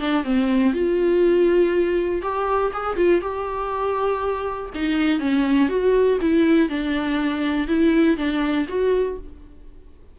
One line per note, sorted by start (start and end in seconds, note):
0.00 0.24 D4
0.24 0.73 C4
0.73 2.22 F4
2.22 2.72 G4
2.74 2.97 G#4
2.97 3.21 F4
3.21 4.70 G4
4.75 5.20 D#4
5.20 5.69 C#4
5.69 6.19 F#4
6.21 6.69 E4
6.69 7.68 D4
7.68 8.18 E4
8.18 8.67 D4
8.69 9.18 F#4